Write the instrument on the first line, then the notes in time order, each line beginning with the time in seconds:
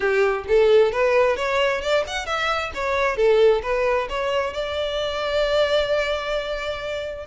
violin
0.00 G4
0.48 A4
0.92 B4
1.36 C#5
1.81 D5
2.07 F#5
2.25 E5
2.74 C#5
3.16 A4
3.62 B4
4.09 C#5
4.53 D5